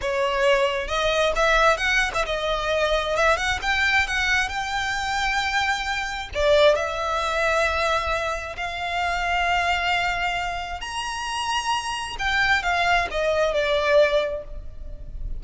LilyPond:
\new Staff \with { instrumentName = "violin" } { \time 4/4 \tempo 4 = 133 cis''2 dis''4 e''4 | fis''8. e''16 dis''2 e''8 fis''8 | g''4 fis''4 g''2~ | g''2 d''4 e''4~ |
e''2. f''4~ | f''1 | ais''2. g''4 | f''4 dis''4 d''2 | }